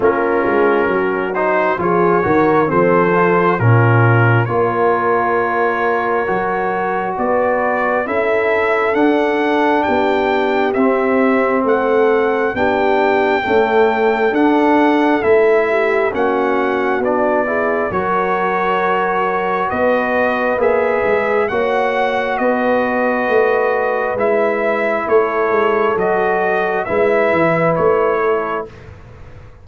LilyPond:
<<
  \new Staff \with { instrumentName = "trumpet" } { \time 4/4 \tempo 4 = 67 ais'4. c''8 cis''4 c''4 | ais'4 cis''2. | d''4 e''4 fis''4 g''4 | e''4 fis''4 g''2 |
fis''4 e''4 fis''4 d''4 | cis''2 dis''4 e''4 | fis''4 dis''2 e''4 | cis''4 dis''4 e''4 cis''4 | }
  \new Staff \with { instrumentName = "horn" } { \time 4/4 f'4 fis'4 gis'8 ais'8 a'4 | f'4 ais'2. | b'4 a'2 g'4~ | g'4 a'4 g'4 a'4~ |
a'4. g'8 fis'4. gis'8 | ais'2 b'2 | cis''4 b'2. | a'2 b'4. a'8 | }
  \new Staff \with { instrumentName = "trombone" } { \time 4/4 cis'4. dis'8 f'8 fis'8 c'8 f'8 | cis'4 f'2 fis'4~ | fis'4 e'4 d'2 | c'2 d'4 a4 |
d'4 e'4 cis'4 d'8 e'8 | fis'2. gis'4 | fis'2. e'4~ | e'4 fis'4 e'2 | }
  \new Staff \with { instrumentName = "tuba" } { \time 4/4 ais8 gis8 fis4 f8 dis8 f4 | ais,4 ais2 fis4 | b4 cis'4 d'4 b4 | c'4 a4 b4 cis'4 |
d'4 a4 ais4 b4 | fis2 b4 ais8 gis8 | ais4 b4 a4 gis4 | a8 gis8 fis4 gis8 e8 a4 | }
>>